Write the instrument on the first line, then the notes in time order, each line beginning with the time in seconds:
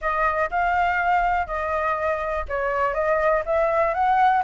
flute
0.01 D#5
0.50 F5
1.46 D#5
2.48 C#5
2.94 D#5
3.45 E5
3.94 F#5